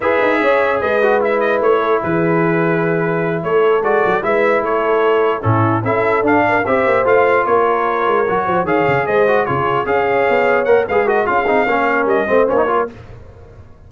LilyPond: <<
  \new Staff \with { instrumentName = "trumpet" } { \time 4/4 \tempo 4 = 149 e''2 dis''4 e''8 dis''8 | cis''4 b'2.~ | b'8 cis''4 d''4 e''4 cis''8~ | cis''4. a'4 e''4 f''8~ |
f''8 e''4 f''4 cis''4.~ | cis''4. f''4 dis''4 cis''8~ | cis''8 f''2 fis''8 f''8 dis''8 | f''2 dis''4 cis''4 | }
  \new Staff \with { instrumentName = "horn" } { \time 4/4 b'4 cis''4 b'2~ | b'8 a'8 gis'2.~ | gis'8 a'2 b'4 a'8~ | a'4. e'4 a'4. |
ais'8 c''2 ais'4.~ | ais'4 c''8 cis''4 c''4 gis'8~ | gis'8 cis''2~ cis''8 b'8 ais'8 | gis'4 ais'4. c''4 ais'8 | }
  \new Staff \with { instrumentName = "trombone" } { \time 4/4 gis'2~ gis'8 fis'8 e'4~ | e'1~ | e'4. fis'4 e'4.~ | e'4. cis'4 e'4 d'8~ |
d'8 g'4 f'2~ f'8~ | f'8 fis'4 gis'4. fis'8 f'8~ | f'8 gis'2 ais'8 gis'8 fis'8 | f'8 dis'8 cis'4. c'8 cis'16 dis'16 f'8 | }
  \new Staff \with { instrumentName = "tuba" } { \time 4/4 e'8 dis'8 cis'4 gis2 | a4 e2.~ | e8 a4 gis8 fis8 gis4 a8~ | a4. a,4 cis'4 d'8~ |
d'8 c'8 ais8 a4 ais4. | gis8 fis8 f8 dis8 cis8 gis4 cis8~ | cis8 cis'4 b4 ais8 gis4 | cis'8 c'8 ais4 g8 a8 ais4 | }
>>